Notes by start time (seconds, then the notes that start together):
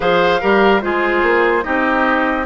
0.00 F3 G#4 C5 F5
0.40 G3 G4 A#4
0.81 G#3 F4 G#4 C5
1.22 A#3
1.62 C4 D#4 G4 D#5